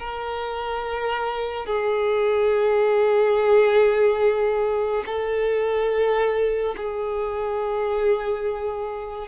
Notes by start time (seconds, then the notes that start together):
0.00 A#4
1.66 G#4
5.06 A4
6.77 G#4